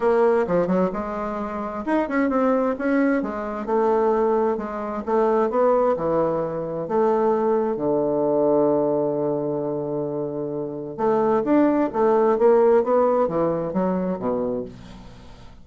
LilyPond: \new Staff \with { instrumentName = "bassoon" } { \time 4/4 \tempo 4 = 131 ais4 f8 fis8 gis2 | dis'8 cis'8 c'4 cis'4 gis4 | a2 gis4 a4 | b4 e2 a4~ |
a4 d2.~ | d1 | a4 d'4 a4 ais4 | b4 e4 fis4 b,4 | }